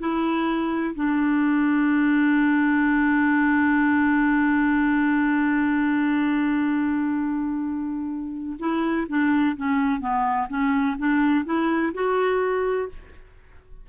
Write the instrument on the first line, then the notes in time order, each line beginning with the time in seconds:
clarinet
0.00 E4
0.96 D4
8.60 E4
9.09 D4
9.57 C#4
10.00 B3
10.49 C#4
10.99 D4
11.45 E4
11.94 F#4